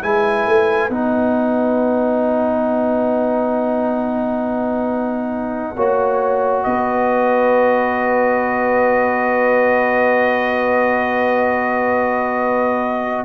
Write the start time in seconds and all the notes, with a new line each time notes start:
0.00 G#3 E4 B4 G#5
0.46 A3
0.89 B3 D#4 F#5
5.76 A#3 F#4 C#5
6.63 B3 B4 D#5